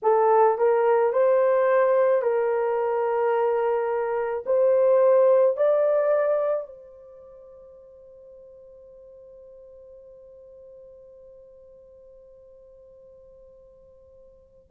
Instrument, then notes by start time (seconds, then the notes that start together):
horn
0.02 A4
0.58 A#4
1.13 C5
2.22 A#4
4.45 C5
5.57 D5
6.66 C5